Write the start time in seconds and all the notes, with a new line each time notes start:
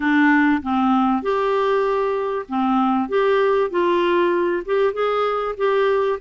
0.00 D4
0.62 C4
1.22 G4
2.48 C4
3.08 G4
3.70 F4
4.65 G4
4.93 G#4
5.57 G4